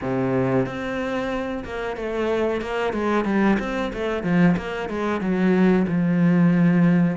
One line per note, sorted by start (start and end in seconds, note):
0.01 0.66 C3
0.66 1.64 C4
1.64 1.96 A#3
1.96 2.61 A3
2.61 2.93 A#3
2.93 3.24 G#3
3.24 3.57 G3
3.59 3.91 C4
3.93 4.23 A3
4.23 4.55 F3
4.56 4.89 A#3
4.89 5.20 G#3
5.20 5.85 F#3
5.87 7.17 F3